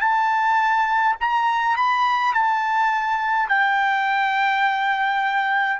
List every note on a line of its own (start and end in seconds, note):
0.00 1.15 A5
1.20 1.76 A#5
1.76 2.33 B5
2.33 3.48 A5
3.48 5.79 G5